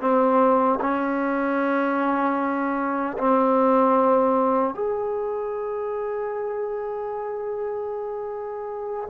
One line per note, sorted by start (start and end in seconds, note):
0.00 0.79 C4
0.80 3.17 C#4
3.18 4.74 C4
4.74 9.09 G#4